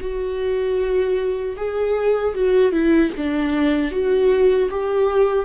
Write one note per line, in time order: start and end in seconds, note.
0.00 1.56 F#4
1.56 2.34 G#4
2.34 2.72 F#4
2.72 3.11 E4
3.17 3.91 D4
3.91 4.69 F#4
4.70 5.45 G4